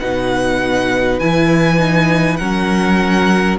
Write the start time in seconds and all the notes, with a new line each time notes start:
0.00 B2 D#4 B4 F#5
1.20 E3 E4 G#5
1.78 D#4
2.37 F#3 C#4 A#4 F#5